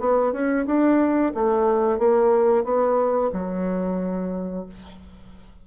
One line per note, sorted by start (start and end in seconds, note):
0.00 0.33 B3
0.33 0.66 C#4
0.66 1.33 D4
1.35 1.98 A3
1.98 2.64 A#3
2.64 3.31 B3
3.33 4.66 F#3